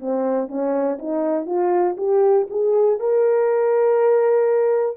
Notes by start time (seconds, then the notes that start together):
0.00 C4
0.48 C#4
0.99 D#4
1.46 F4
1.98 G4
2.50 G#4
3.00 A#4